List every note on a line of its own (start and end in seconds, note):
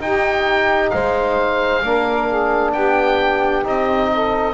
0.00 1.82 D#4
0.00 0.91 D#4
0.00 0.94 G4
0.00 0.90 G5
0.90 1.83 G#3
0.90 1.83 C5
0.90 2.72 F5
1.82 2.74 A#3
1.82 3.63 D4
1.82 2.28 A#4
2.28 2.73 G#4
2.73 3.65 B3
2.73 4.11 G4
2.73 3.64 G5
3.63 4.54 C4
3.63 4.54 D#4
3.63 4.54 D#5
4.14 4.54 A4